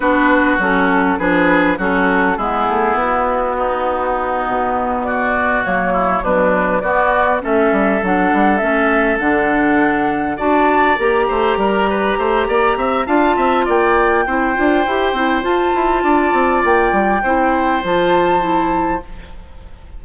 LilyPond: <<
  \new Staff \with { instrumentName = "flute" } { \time 4/4 \tempo 4 = 101 b'4 a'4 b'4 a'4 | gis'4 fis'2.~ | fis'8 d''4 cis''4 b'4 d''8~ | d''8 e''4 fis''4 e''4 fis''8~ |
fis''4. a''4 ais''4.~ | ais''2 a''4 g''4~ | g''2 a''2 | g''2 a''2 | }
  \new Staff \with { instrumentName = "oboe" } { \time 4/4 fis'2 gis'4 fis'4 | e'2 dis'2~ | dis'8 fis'4. e'8 d'4 fis'8~ | fis'8 a'2.~ a'8~ |
a'4. d''4. c''8 ais'8 | b'8 c''8 d''8 e''8 f''8 e''8 d''4 | c''2. d''4~ | d''4 c''2. | }
  \new Staff \with { instrumentName = "clarinet" } { \time 4/4 d'4 cis'4 d'4 cis'4 | b1~ | b4. ais4 fis4 b8~ | b8 cis'4 d'4 cis'4 d'8~ |
d'4. fis'4 g'4.~ | g'2 f'2 | e'8 f'8 g'8 e'8 f'2~ | f'4 e'4 f'4 e'4 | }
  \new Staff \with { instrumentName = "bassoon" } { \time 4/4 b4 fis4 f4 fis4 | gis8 a8 b2~ b8 b,8~ | b,4. fis4 b,4 b8~ | b8 a8 g8 fis8 g8 a4 d8~ |
d4. d'4 ais8 a8 g8~ | g8 a8 ais8 c'8 d'8 c'8 ais4 | c'8 d'8 e'8 c'8 f'8 e'8 d'8 c'8 | ais8 g8 c'4 f2 | }
>>